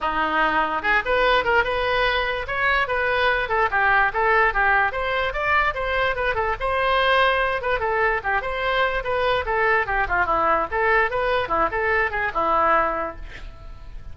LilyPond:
\new Staff \with { instrumentName = "oboe" } { \time 4/4 \tempo 4 = 146 dis'2 gis'8 b'4 ais'8 | b'2 cis''4 b'4~ | b'8 a'8 g'4 a'4 g'4 | c''4 d''4 c''4 b'8 a'8 |
c''2~ c''8 b'8 a'4 | g'8 c''4. b'4 a'4 | g'8 f'8 e'4 a'4 b'4 | e'8 a'4 gis'8 e'2 | }